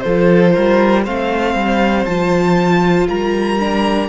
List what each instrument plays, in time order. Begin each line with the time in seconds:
0.00 cello F3, viola F4, violin A4 C5
0.53 cello G3, violin A#4
1.03 cello A3, viola C4, violin C5 F5
1.54 cello G3
2.05 cello F3, viola F4, violin A5
3.08 cello G3, violin A#4 A#5
3.59 viola D4